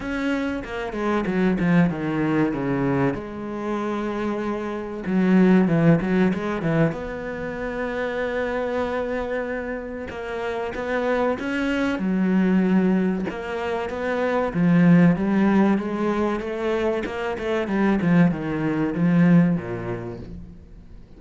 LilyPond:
\new Staff \with { instrumentName = "cello" } { \time 4/4 \tempo 4 = 95 cis'4 ais8 gis8 fis8 f8 dis4 | cis4 gis2. | fis4 e8 fis8 gis8 e8 b4~ | b1 |
ais4 b4 cis'4 fis4~ | fis4 ais4 b4 f4 | g4 gis4 a4 ais8 a8 | g8 f8 dis4 f4 ais,4 | }